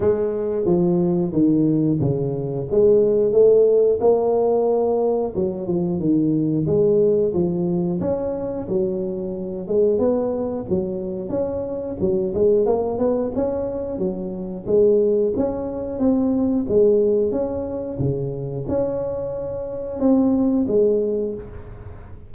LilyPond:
\new Staff \with { instrumentName = "tuba" } { \time 4/4 \tempo 4 = 90 gis4 f4 dis4 cis4 | gis4 a4 ais2 | fis8 f8 dis4 gis4 f4 | cis'4 fis4. gis8 b4 |
fis4 cis'4 fis8 gis8 ais8 b8 | cis'4 fis4 gis4 cis'4 | c'4 gis4 cis'4 cis4 | cis'2 c'4 gis4 | }